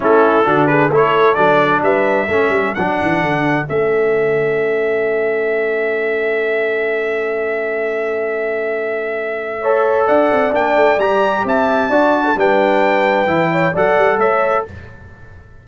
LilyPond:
<<
  \new Staff \with { instrumentName = "trumpet" } { \time 4/4 \tempo 4 = 131 a'4. b'8 cis''4 d''4 | e''2 fis''2 | e''1~ | e''1~ |
e''1~ | e''2 fis''4 g''4 | ais''4 a''2 g''4~ | g''2 fis''4 e''4 | }
  \new Staff \with { instrumentName = "horn" } { \time 4/4 e'4 fis'8 gis'8 a'2 | b'4 a'2.~ | a'1~ | a'1~ |
a'1~ | a'4 cis''4 d''2~ | d''4 e''4 d''8. a'16 b'4~ | b'4. cis''8 d''4 cis''4 | }
  \new Staff \with { instrumentName = "trombone" } { \time 4/4 cis'4 d'4 e'4 d'4~ | d'4 cis'4 d'2 | cis'1~ | cis'1~ |
cis'1~ | cis'4 a'2 d'4 | g'2 fis'4 d'4~ | d'4 e'4 a'2 | }
  \new Staff \with { instrumentName = "tuba" } { \time 4/4 a4 d4 a4 fis4 | g4 a8 g8 fis8 e8 d4 | a1~ | a1~ |
a1~ | a2 d'8 c'8 ais8 a8 | g4 c'4 d'4 g4~ | g4 e4 fis8 g8 a4 | }
>>